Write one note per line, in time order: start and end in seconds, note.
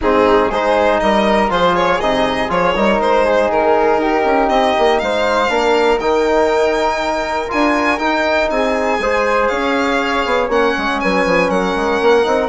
0.01 0.50 G#2
0.01 0.52 C4
0.01 0.49 D#4
0.01 0.51 G#4
0.49 1.00 G#3
0.49 1.49 D#4
0.49 0.99 G#4
0.49 1.00 C5
1.00 1.50 G3
1.00 1.51 A#4
1.00 1.50 D#5
1.49 2.00 F3
1.49 1.99 F4
1.49 2.76 G#4
1.49 1.75 C5
1.75 2.00 C#5
2.00 2.49 C3
2.00 2.48 D#4
2.00 2.50 D#5
2.48 2.74 F3
2.48 2.73 F4
2.48 3.00 C#5
2.75 2.99 G3
2.75 5.48 D#4
2.75 3.24 A#4
2.99 3.49 G#3
2.99 3.51 C5
3.24 3.99 G#4
3.50 3.97 D#3
3.50 4.49 A#4
3.97 4.22 D#4
3.97 5.01 G4
4.24 4.49 C#4
4.49 4.74 C4
4.49 4.98 D#5
4.78 5.01 A#3
4.98 5.49 G#3
4.98 5.50 C5
4.98 5.98 F5
5.48 5.99 A#3
5.48 5.98 D4
5.48 8.50 A#4
5.99 7.49 D#3
5.99 7.48 D#4
5.99 7.50 G5
7.48 7.99 D4
7.48 7.98 F4
7.48 7.98 G#5
7.98 8.99 D#4
7.98 8.49 D#4
7.98 8.48 G5
8.49 8.99 C4
8.49 9.02 G#4
8.49 9.47 G#5
8.99 9.49 G#3
8.99 10.49 G#4
8.99 9.50 C5
9.47 10.25 C#4
9.47 11.00 C#5
9.47 10.47 F5
10.25 10.48 B3
10.48 10.73 A#3
10.48 12.23 C#4
10.48 11.00 F#5
10.77 11.02 G#3
11.00 11.25 F#3
11.00 11.50 B4
11.00 11.49 G#5
11.25 11.49 F3
11.49 11.74 F#3
11.49 12.49 A#4
11.49 12.49 F#5
11.75 12.00 G#3
12.00 12.25 A#3
12.23 12.49 C4
12.23 12.48 D#4